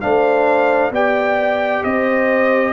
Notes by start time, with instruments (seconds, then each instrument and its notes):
0.00 tuba A3, trombone D4, horn C5, trumpet F5
0.90 tuba B3, trombone G4, horn D5, trumpet G5
1.83 tuba C4, horn C5, trumpet D#5